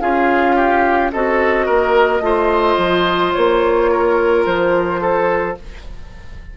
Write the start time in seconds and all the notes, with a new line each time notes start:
0.00 C#4 F4 G#4 F5
0.56 G4
1.12 C4 F#4 A4 D#5
1.66 A#3 A#4
2.20 A3 F4 C5
2.78 F3
3.33 A#3 C#5
3.91 A#4
4.46 F3 C5
5.01 A4